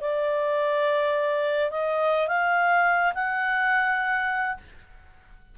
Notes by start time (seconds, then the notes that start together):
0.00 D5
1.71 D#5
2.27 F5
3.14 F#5